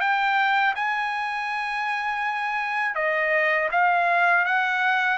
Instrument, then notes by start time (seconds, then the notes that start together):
trumpet
0.00 G5
0.75 G#5
2.95 D#5
3.71 F5
4.45 F#5